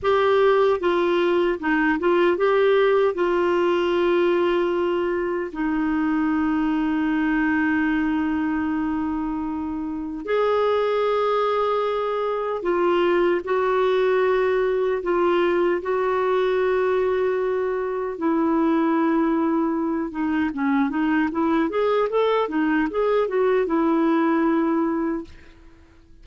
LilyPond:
\new Staff \with { instrumentName = "clarinet" } { \time 4/4 \tempo 4 = 76 g'4 f'4 dis'8 f'8 g'4 | f'2. dis'4~ | dis'1~ | dis'4 gis'2. |
f'4 fis'2 f'4 | fis'2. e'4~ | e'4. dis'8 cis'8 dis'8 e'8 gis'8 | a'8 dis'8 gis'8 fis'8 e'2 | }